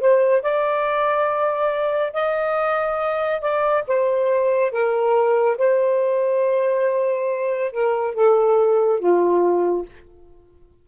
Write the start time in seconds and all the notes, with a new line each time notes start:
0.00 C5
0.42 D5
2.14 D#5
3.41 D5
3.87 C5
4.71 A#4
5.58 C5
7.72 A#4
8.15 A4
8.99 F4